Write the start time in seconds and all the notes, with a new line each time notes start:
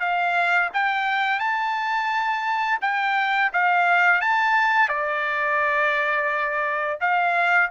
0.00 F5
0.73 G5
1.39 A5
2.82 G5
3.53 F5
4.21 A5
4.89 D5
7.01 F5